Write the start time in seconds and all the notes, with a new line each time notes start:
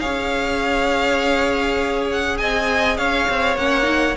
0.00 C#4 G#4 C#5 F5
2.12 F#5
2.38 C4 D#5 G#5
2.98 C#4 C#5 F5
3.30 C4
3.57 A#3 C#4 F#5
3.84 D#4